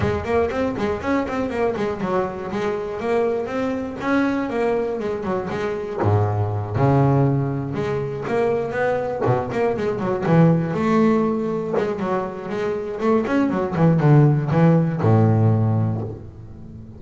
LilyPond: \new Staff \with { instrumentName = "double bass" } { \time 4/4 \tempo 4 = 120 gis8 ais8 c'8 gis8 cis'8 c'8 ais8 gis8 | fis4 gis4 ais4 c'4 | cis'4 ais4 gis8 fis8 gis4 | gis,4. cis2 gis8~ |
gis8 ais4 b4 b,8 ais8 gis8 | fis8 e4 a2 gis8 | fis4 gis4 a8 cis'8 fis8 e8 | d4 e4 a,2 | }